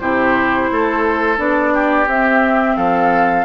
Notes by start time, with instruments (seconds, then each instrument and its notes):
0.00 bassoon C3, clarinet E4, oboe G4, flute C5
0.72 bassoon A3, oboe A4
1.37 bassoon B3, clarinet D4, flute D5
1.74 oboe G4
2.07 bassoon C4, clarinet C4, flute E5
2.77 bassoon F3, oboe A4, flute F5